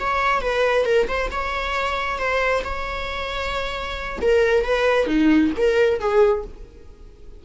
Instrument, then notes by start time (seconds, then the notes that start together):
viola
0.00 C#5
0.42 B4
0.86 A#4
1.08 C5
1.31 C#5
2.19 C5
2.64 C#5
4.22 A#4
4.65 B4
5.07 D#4
5.58 A#4
6.00 G#4